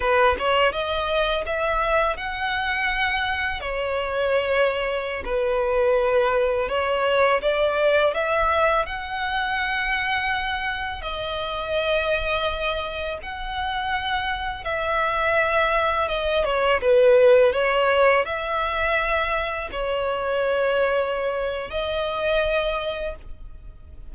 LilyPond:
\new Staff \with { instrumentName = "violin" } { \time 4/4 \tempo 4 = 83 b'8 cis''8 dis''4 e''4 fis''4~ | fis''4 cis''2~ cis''16 b'8.~ | b'4~ b'16 cis''4 d''4 e''8.~ | e''16 fis''2. dis''8.~ |
dis''2~ dis''16 fis''4.~ fis''16~ | fis''16 e''2 dis''8 cis''8 b'8.~ | b'16 cis''4 e''2 cis''8.~ | cis''2 dis''2 | }